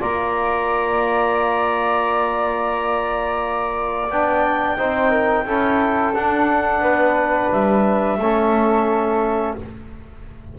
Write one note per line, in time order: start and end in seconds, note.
0.00 4.10 A#3
0.00 4.09 F4
0.00 4.77 D5
0.00 4.10 A#5
4.10 4.79 B3
4.10 4.77 D4
4.10 6.14 G5
4.77 5.46 C4
4.77 5.46 D#4
4.77 5.10 C5
5.10 5.44 A#4
5.46 6.14 C#4
5.46 6.14 E4
5.46 6.83 A4
6.14 6.80 D4
6.14 8.20 D4
6.14 7.51 F#5
6.80 7.48 B3
6.80 8.19 B4
7.52 8.18 G3
7.52 9.56 E5
8.18 9.54 A3
8.18 9.58 C#4
8.18 9.59 A4